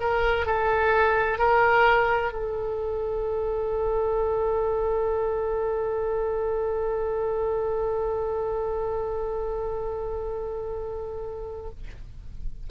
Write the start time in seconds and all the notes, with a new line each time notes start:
0.00 A#4
0.46 A4
1.38 A#4
2.32 A4